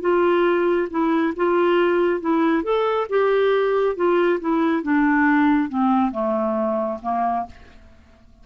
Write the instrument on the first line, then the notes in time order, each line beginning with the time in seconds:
clarinet
0.00 F4
0.90 E4
1.36 F4
2.20 E4
2.63 A4
3.09 G4
3.95 F4
4.40 E4
4.82 D4
5.69 C4
6.11 A3
7.02 A#3